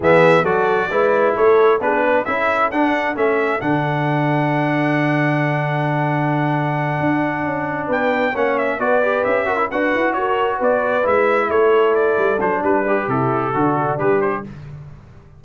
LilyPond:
<<
  \new Staff \with { instrumentName = "trumpet" } { \time 4/4 \tempo 4 = 133 e''4 d''2 cis''4 | b'4 e''4 fis''4 e''4 | fis''1~ | fis''1~ |
fis''4. g''4 fis''8 e''8 d''8~ | d''8 e''4 fis''4 cis''4 d''8~ | d''8 e''4 cis''4 d''4 c''8 | b'4 a'2 b'8 c''8 | }
  \new Staff \with { instrumentName = "horn" } { \time 4/4 gis'4 a'4 b'4 a'4 | gis'8 b'8 a'2.~ | a'1~ | a'1~ |
a'4. b'4 cis''4 b'8~ | b'4 ais'8 b'4 ais'4 b'8~ | b'4. a'2~ a'8 | d'4 e'4 d'2 | }
  \new Staff \with { instrumentName = "trombone" } { \time 4/4 b4 fis'4 e'2 | d'4 e'4 d'4 cis'4 | d'1~ | d'1~ |
d'2~ d'8 cis'4 fis'8 | g'4 fis'16 e'16 fis'2~ fis'8~ | fis'8 e'2. d'8~ | d'8 g'4. fis'4 g'4 | }
  \new Staff \with { instrumentName = "tuba" } { \time 4/4 e4 fis4 gis4 a4 | b4 cis'4 d'4 a4 | d1~ | d2.~ d8 d'8~ |
d'8 cis'4 b4 ais4 b8~ | b8 cis'4 d'8 e'8 fis'4 b8~ | b8 gis4 a4. g8 fis8 | g4 c4 d4 g4 | }
>>